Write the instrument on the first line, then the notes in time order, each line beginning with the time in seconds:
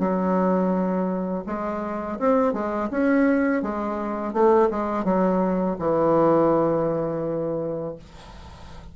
bassoon
0.00 F#3
1.47 G#3
2.20 C4
2.54 G#3
2.91 C#4
3.63 G#3
4.34 A3
4.71 G#3
5.05 F#3
5.79 E3